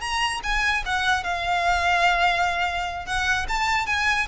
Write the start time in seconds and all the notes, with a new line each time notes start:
0.00 A#5
0.43 G#5
0.85 F#5
1.23 F5
3.06 F#5
3.48 A5
3.86 G#5